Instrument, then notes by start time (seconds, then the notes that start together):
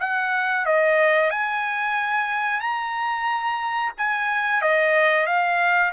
trumpet
0.00 F#5
0.65 D#5
1.30 G#5
2.60 A#5
3.97 G#5
4.62 D#5
5.26 F5